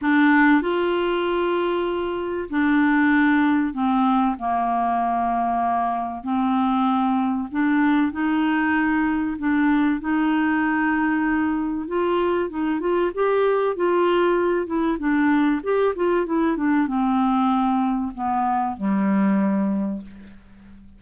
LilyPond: \new Staff \with { instrumentName = "clarinet" } { \time 4/4 \tempo 4 = 96 d'4 f'2. | d'2 c'4 ais4~ | ais2 c'2 | d'4 dis'2 d'4 |
dis'2. f'4 | dis'8 f'8 g'4 f'4. e'8 | d'4 g'8 f'8 e'8 d'8 c'4~ | c'4 b4 g2 | }